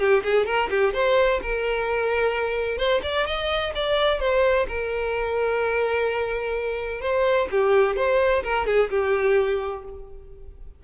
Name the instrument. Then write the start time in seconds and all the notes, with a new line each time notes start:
violin
0.00 G4
0.24 G#4
0.46 A#4
0.71 G4
0.94 C5
1.43 A#4
2.78 C5
3.03 D5
3.27 D#5
3.75 D5
4.20 C5
4.68 A#4
7.01 C5
7.51 G4
7.97 C5
8.44 A#4
8.67 G#4
8.90 G4